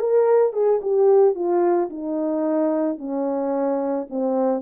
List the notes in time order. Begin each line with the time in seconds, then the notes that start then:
0.00 A#4
0.53 G#4
0.82 G4
1.35 F4
1.90 D#4
2.98 C#4
4.10 C4